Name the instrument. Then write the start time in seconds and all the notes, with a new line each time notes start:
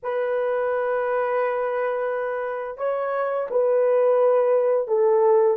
horn
0.02 B4
2.77 C#5
3.50 B4
4.87 A4